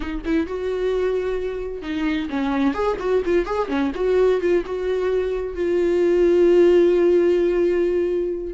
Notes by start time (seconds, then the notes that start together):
0.00 D#4
0.25 E4
0.46 F#4
1.82 D#4
2.29 C#4
2.73 G#4
2.99 F#4
3.25 F4
3.45 G#4
3.68 C#4
3.94 F#4
4.40 F4
4.65 F#4
5.55 F4